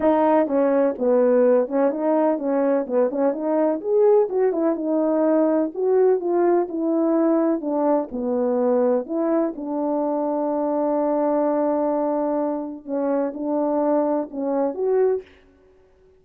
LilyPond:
\new Staff \with { instrumentName = "horn" } { \time 4/4 \tempo 4 = 126 dis'4 cis'4 b4. cis'8 | dis'4 cis'4 b8 cis'8 dis'4 | gis'4 fis'8 e'8 dis'2 | fis'4 f'4 e'2 |
d'4 b2 e'4 | d'1~ | d'2. cis'4 | d'2 cis'4 fis'4 | }